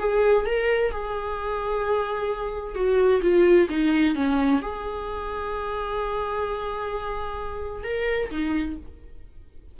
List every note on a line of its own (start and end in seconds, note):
0.00 0.46 G#4
0.46 0.92 A#4
0.92 2.75 G#4
2.75 3.22 F#4
3.22 3.68 F4
3.70 4.15 D#4
4.15 4.61 C#4
4.62 7.84 G#4
7.84 8.31 A#4
8.31 8.77 D#4